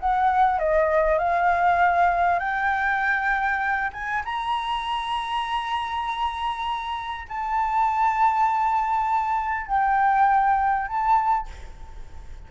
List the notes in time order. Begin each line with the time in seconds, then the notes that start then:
0.00 F#5
0.59 D#5
1.18 F5
2.39 G5
3.93 G#5
4.25 A#5
7.29 A5
9.67 G5
10.88 A5